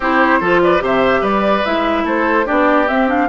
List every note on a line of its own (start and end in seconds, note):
0.00 0.40 C4
0.00 0.42 E4
0.00 0.39 G4
0.00 0.62 C5
0.40 0.81 F3
0.40 0.79 F4
0.40 0.60 A4
0.62 0.83 B4
0.62 0.83 D5
0.79 1.21 C3
0.79 1.61 G4
0.79 1.20 C5
0.79 1.24 E5
1.20 1.62 G3
1.20 2.03 B4
1.20 1.65 D5
1.65 2.04 G#3
1.65 2.45 E4
1.65 2.06 E5
2.04 2.45 A3
2.04 2.46 A4
2.04 2.47 C5
2.45 2.89 B3
2.45 2.86 D4
2.45 3.28 G4
2.45 2.87 D5
2.87 3.07 C4
2.87 3.28 C4
2.87 3.08 E5
3.07 3.28 D4
3.07 3.28 F5